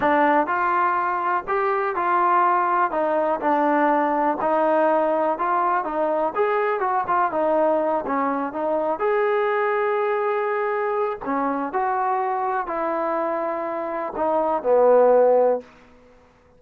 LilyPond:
\new Staff \with { instrumentName = "trombone" } { \time 4/4 \tempo 4 = 123 d'4 f'2 g'4 | f'2 dis'4 d'4~ | d'4 dis'2 f'4 | dis'4 gis'4 fis'8 f'8 dis'4~ |
dis'8 cis'4 dis'4 gis'4.~ | gis'2. cis'4 | fis'2 e'2~ | e'4 dis'4 b2 | }